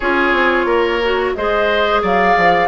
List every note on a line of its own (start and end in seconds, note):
0.00 0.33 C#4
0.00 1.02 F4
0.00 0.66 G#4
0.00 1.33 C#5
0.33 0.65 C4
0.65 1.32 A#3
0.65 1.33 A#4
1.03 1.36 F#4
1.34 2.02 G#3
1.34 2.68 G#4
1.34 2.02 C5
1.34 2.02 D#5
2.02 2.36 F#3
2.02 2.68 D5
2.02 2.68 F5
2.36 2.68 F3